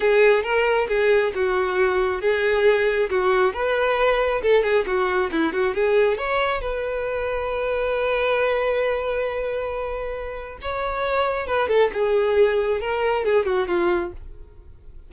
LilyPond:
\new Staff \with { instrumentName = "violin" } { \time 4/4 \tempo 4 = 136 gis'4 ais'4 gis'4 fis'4~ | fis'4 gis'2 fis'4 | b'2 a'8 gis'8 fis'4 | e'8 fis'8 gis'4 cis''4 b'4~ |
b'1~ | b'1 | cis''2 b'8 a'8 gis'4~ | gis'4 ais'4 gis'8 fis'8 f'4 | }